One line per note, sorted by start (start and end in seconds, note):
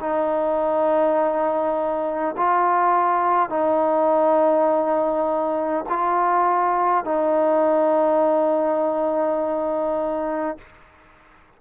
0.00 2.35 D#4
2.37 3.50 F4
3.50 5.85 D#4
5.89 7.05 F4
7.05 10.58 D#4